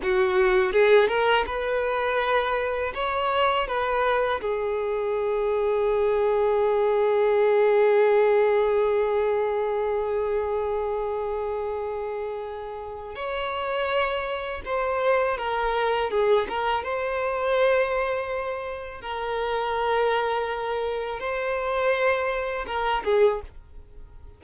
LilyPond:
\new Staff \with { instrumentName = "violin" } { \time 4/4 \tempo 4 = 82 fis'4 gis'8 ais'8 b'2 | cis''4 b'4 gis'2~ | gis'1~ | gis'1~ |
gis'2 cis''2 | c''4 ais'4 gis'8 ais'8 c''4~ | c''2 ais'2~ | ais'4 c''2 ais'8 gis'8 | }